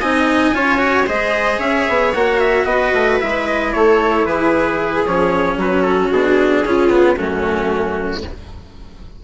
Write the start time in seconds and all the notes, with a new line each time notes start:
0.00 C4 D#4 D#5 G#5
0.52 C#4 F4 C#5
0.78 F#4
1.06 G#3 G#4 C5 D#5
1.58 C#4 C#5 E5
1.89 B3
2.13 A#3 F#4 F#5
2.40 E5
2.65 B3 B4 D#5
2.94 A3
3.20 G#3 E4 E5
3.47 D#5
3.73 A3 A4 C#5
4.24 E3 G#4 B4
5.06 F3 C#4 C#5
5.57 F#3 F#4 B4
5.82 A4
6.10 B2 D4 G#4
6.65 C#3 C#4 F4
6.89 B3
7.17 F#2 A3 C#4 F#4